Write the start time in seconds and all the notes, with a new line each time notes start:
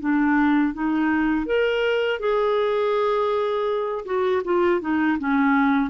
0.00 D4
0.73 D#4
1.46 A#4
2.20 G#4
4.05 F#4
4.44 F4
4.81 D#4
5.19 C#4